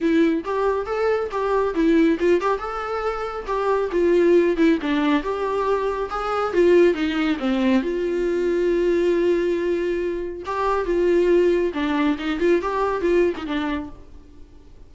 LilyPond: \new Staff \with { instrumentName = "viola" } { \time 4/4 \tempo 4 = 138 e'4 g'4 a'4 g'4 | e'4 f'8 g'8 a'2 | g'4 f'4. e'8 d'4 | g'2 gis'4 f'4 |
dis'4 c'4 f'2~ | f'1 | g'4 f'2 d'4 | dis'8 f'8 g'4 f'8. dis'16 d'4 | }